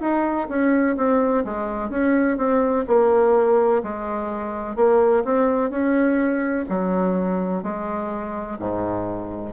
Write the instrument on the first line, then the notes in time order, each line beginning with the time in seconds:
bassoon
0.00 D#4
0.48 C#4
0.96 C4
1.44 G#3
1.90 C#4
2.37 C4
2.87 A#3
3.83 G#3
4.75 A#3
5.24 C4
5.70 C#4
6.68 F#3
7.63 G#3
8.58 G#2